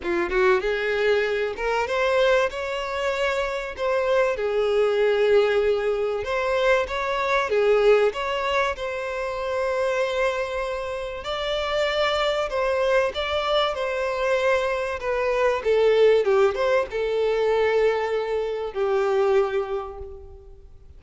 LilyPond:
\new Staff \with { instrumentName = "violin" } { \time 4/4 \tempo 4 = 96 f'8 fis'8 gis'4. ais'8 c''4 | cis''2 c''4 gis'4~ | gis'2 c''4 cis''4 | gis'4 cis''4 c''2~ |
c''2 d''2 | c''4 d''4 c''2 | b'4 a'4 g'8 c''8 a'4~ | a'2 g'2 | }